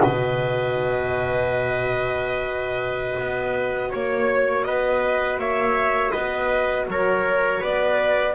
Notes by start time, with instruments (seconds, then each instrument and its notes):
0.00 double bass B2, saxophone F#4, trumpet B4, violin D#5
3.18 double bass B3
3.90 double bass A#3, trumpet C#5, violin C#5
4.64 double bass B3, trumpet B4, violin D#5
5.37 double bass A#3, trumpet C#5, violin E5
6.11 double bass B3, trumpet B4, violin D#5
6.87 double bass F#3, trumpet A#4, violin C#5
7.60 double bass B3, trumpet B4, violin D5